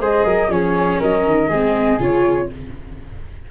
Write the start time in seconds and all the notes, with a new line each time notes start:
0.00 G#3 G#4 C5 D#5
0.26 F#3 A#4
0.50 F3 C#4 G#4 C#5
1.00 F#3 A#4 D#5
1.26 D#3
1.49 G#3 C4 G#4
2.00 C#3 F4 C#5